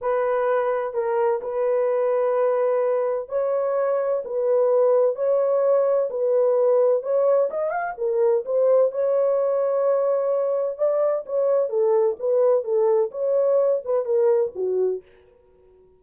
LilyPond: \new Staff \with { instrumentName = "horn" } { \time 4/4 \tempo 4 = 128 b'2 ais'4 b'4~ | b'2. cis''4~ | cis''4 b'2 cis''4~ | cis''4 b'2 cis''4 |
dis''8 f''8 ais'4 c''4 cis''4~ | cis''2. d''4 | cis''4 a'4 b'4 a'4 | cis''4. b'8 ais'4 fis'4 | }